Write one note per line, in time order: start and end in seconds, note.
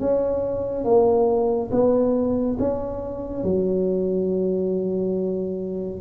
0.00 0.85 C#4
0.85 1.70 A#3
1.71 2.57 B3
2.59 3.44 C#4
3.44 6.01 F#3